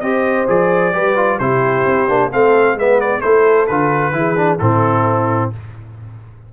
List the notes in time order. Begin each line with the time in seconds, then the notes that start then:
0.00 C4 G4 C5 D#5
0.47 F3 G#4 D5
0.93 G3 G4 B4
1.16 F4
1.38 C3 E4 G4 C5
1.85 C4
2.08 A#3 D4
2.30 A3 C4 A4 F5
2.74 G#3 B3 B4 E5
3.00 D5
3.20 A3 E4 A4 C5
3.66 D3 F4 B4
4.12 E3 E4 G#4
4.36 D4
4.58 A2 C4 E4 A4